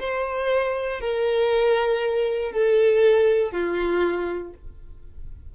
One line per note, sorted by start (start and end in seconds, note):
0.00 1.01 C5
1.01 2.52 A#4
2.52 3.52 A4
3.52 4.53 F4